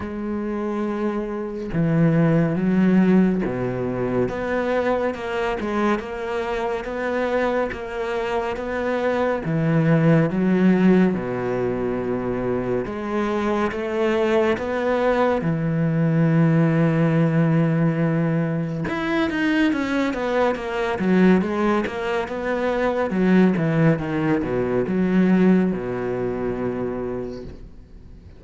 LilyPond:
\new Staff \with { instrumentName = "cello" } { \time 4/4 \tempo 4 = 70 gis2 e4 fis4 | b,4 b4 ais8 gis8 ais4 | b4 ais4 b4 e4 | fis4 b,2 gis4 |
a4 b4 e2~ | e2 e'8 dis'8 cis'8 b8 | ais8 fis8 gis8 ais8 b4 fis8 e8 | dis8 b,8 fis4 b,2 | }